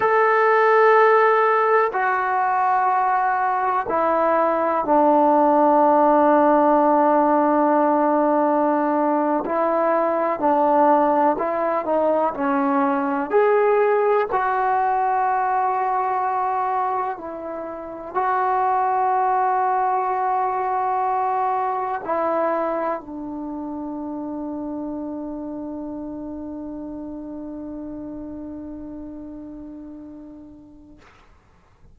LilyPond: \new Staff \with { instrumentName = "trombone" } { \time 4/4 \tempo 4 = 62 a'2 fis'2 | e'4 d'2.~ | d'4.~ d'16 e'4 d'4 e'16~ | e'16 dis'8 cis'4 gis'4 fis'4~ fis'16~ |
fis'4.~ fis'16 e'4 fis'4~ fis'16~ | fis'2~ fis'8. e'4 d'16~ | d'1~ | d'1 | }